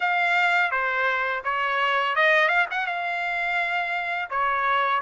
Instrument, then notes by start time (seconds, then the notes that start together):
trumpet
0.00 F5
0.71 C5
1.44 C#5
2.15 D#5
2.48 F5
2.70 F#5
2.86 F5
4.30 C#5